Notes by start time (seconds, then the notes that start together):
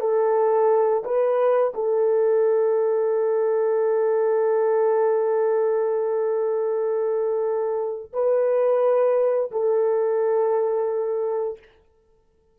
0.00 A4
1.04 B4
1.74 A4
8.13 B4
9.51 A4